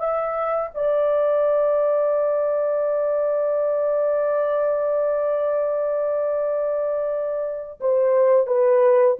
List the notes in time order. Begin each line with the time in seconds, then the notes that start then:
0.00 E5
0.74 D5
7.80 C5
8.47 B4